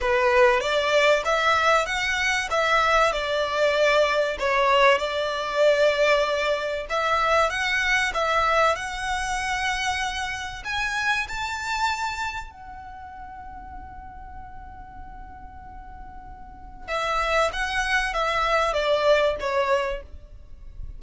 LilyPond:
\new Staff \with { instrumentName = "violin" } { \time 4/4 \tempo 4 = 96 b'4 d''4 e''4 fis''4 | e''4 d''2 cis''4 | d''2. e''4 | fis''4 e''4 fis''2~ |
fis''4 gis''4 a''2 | fis''1~ | fis''2. e''4 | fis''4 e''4 d''4 cis''4 | }